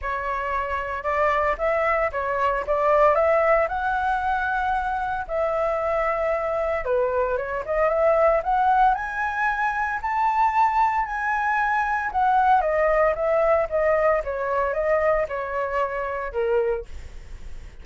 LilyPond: \new Staff \with { instrumentName = "flute" } { \time 4/4 \tempo 4 = 114 cis''2 d''4 e''4 | cis''4 d''4 e''4 fis''4~ | fis''2 e''2~ | e''4 b'4 cis''8 dis''8 e''4 |
fis''4 gis''2 a''4~ | a''4 gis''2 fis''4 | dis''4 e''4 dis''4 cis''4 | dis''4 cis''2 ais'4 | }